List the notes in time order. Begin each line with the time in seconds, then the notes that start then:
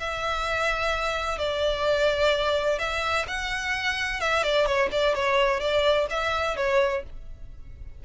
0.00 E5
1.39 D5
2.79 E5
3.28 F#5
4.21 E5
4.43 D5
4.66 C#5
4.92 D5
5.15 C#5
5.60 D5
6.10 E5
6.56 C#5